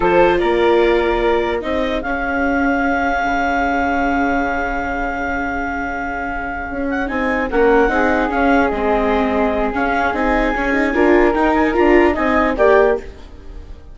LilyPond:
<<
  \new Staff \with { instrumentName = "clarinet" } { \time 4/4 \tempo 4 = 148 c''4 d''2. | dis''4 f''2.~ | f''1~ | f''1~ |
f''4 fis''8 gis''4 fis''4.~ | fis''8 f''4 dis''2~ dis''8 | f''4 gis''2. | g''8 gis''8 ais''4 gis''4 g''4 | }
  \new Staff \with { instrumentName = "flute" } { \time 4/4 a'4 ais'2. | gis'1~ | gis'1~ | gis'1~ |
gis'2~ gis'8 ais'4 gis'8~ | gis'1~ | gis'2. ais'4~ | ais'2 dis''4 d''4 | }
  \new Staff \with { instrumentName = "viola" } { \time 4/4 f'1 | dis'4 cis'2.~ | cis'1~ | cis'1~ |
cis'4. dis'4 cis'4 dis'8~ | dis'8 cis'4 c'2~ c'8 | cis'4 dis'4 cis'8 dis'8 f'4 | dis'4 f'4 dis'4 g'4 | }
  \new Staff \with { instrumentName = "bassoon" } { \time 4/4 f4 ais2. | c'4 cis'2. | cis1~ | cis1~ |
cis8 cis'4 c'4 ais4 c'8~ | c'8 cis'4 gis2~ gis8 | cis'4 c'4 cis'4 d'4 | dis'4 d'4 c'4 ais4 | }
>>